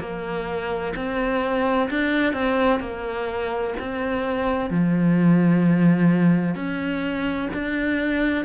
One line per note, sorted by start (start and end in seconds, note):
0.00 0.94 A#3
0.96 1.90 C4
1.90 2.34 D4
2.34 2.80 C4
2.80 3.74 A#3
3.80 4.70 C4
4.70 6.55 F3
6.55 7.49 C#4
7.54 8.45 D4